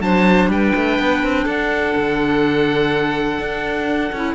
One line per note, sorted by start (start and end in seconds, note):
0.00 0.48 F#3
0.00 4.11 D4
0.00 0.51 C5
0.00 0.49 A5
0.48 0.72 G3
0.48 1.44 B4
0.48 1.48 G5
0.75 0.99 A3
0.99 1.23 B3
1.23 1.46 C4
1.44 1.94 D4
1.44 4.34 A4
1.44 4.35 F#5
1.96 3.39 D3
3.39 4.11 D4
4.12 4.35 C#4
4.12 4.35 E4